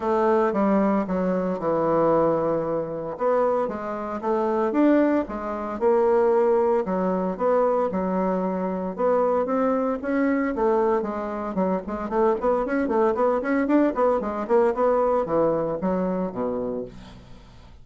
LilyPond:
\new Staff \with { instrumentName = "bassoon" } { \time 4/4 \tempo 4 = 114 a4 g4 fis4 e4~ | e2 b4 gis4 | a4 d'4 gis4 ais4~ | ais4 fis4 b4 fis4~ |
fis4 b4 c'4 cis'4 | a4 gis4 fis8 gis8 a8 b8 | cis'8 a8 b8 cis'8 d'8 b8 gis8 ais8 | b4 e4 fis4 b,4 | }